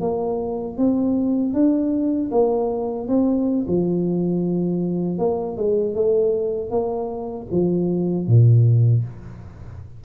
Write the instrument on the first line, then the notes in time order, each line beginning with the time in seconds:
tuba
0.00 A#3
0.77 C4
1.53 D4
2.31 A#3
3.07 C4
3.67 F3
5.18 A#3
5.57 G#3
5.94 A3
6.70 A#3
7.51 F3
8.27 A#2